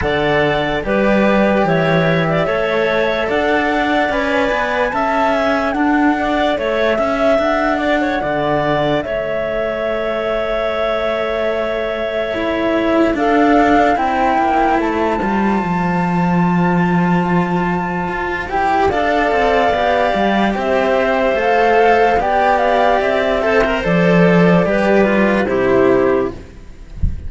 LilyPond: <<
  \new Staff \with { instrumentName = "flute" } { \time 4/4 \tempo 4 = 73 fis''4 d''4 e''2 | fis''4 gis''4 a''8 gis''8 fis''4 | e''4 fis''2 e''4~ | e''1 |
f''4 g''4 a''2~ | a''2~ a''8 g''8 f''4~ | f''4 e''4 f''4 g''8 f''8 | e''4 d''2 c''4 | }
  \new Staff \with { instrumentName = "clarinet" } { \time 4/4 d''4 b'4 cis''8. d''16 cis''4 | d''2 e''4 d'8 d''8 | cis''8 e''4 d''16 cis''16 d''4 cis''4~ | cis''1 |
a'4 c''2.~ | c''2. d''4~ | d''4 c''2 d''4~ | d''8 c''4. b'4 g'4 | }
  \new Staff \with { instrumentName = "cello" } { \time 4/4 a'4 g'2 a'4~ | a'4 b'4 a'2~ | a'1~ | a'2. e'4 |
d'4 e'4. f'4.~ | f'2~ f'8 g'8 a'4 | g'2 a'4 g'4~ | g'8 a'16 ais'16 a'4 g'8 f'8 e'4 | }
  \new Staff \with { instrumentName = "cello" } { \time 4/4 d4 g4 e4 a4 | d'4 cis'8 b8 cis'4 d'4 | a8 cis'8 d'4 d4 a4~ | a1 |
d'4 c'8 ais8 a8 g8 f4~ | f2 f'8 e'8 d'8 c'8 | b8 g8 c'4 a4 b4 | c'4 f4 g4 c4 | }
>>